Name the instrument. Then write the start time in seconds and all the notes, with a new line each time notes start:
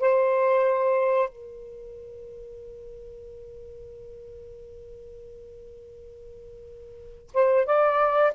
saxophone
0.00 C5
1.29 A#4
7.34 C5
7.66 D5